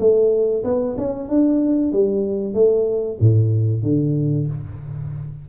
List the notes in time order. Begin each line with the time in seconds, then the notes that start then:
0.00 A3
0.64 B3
0.98 C#4
1.29 D4
1.93 G3
2.54 A3
3.20 A2
3.83 D3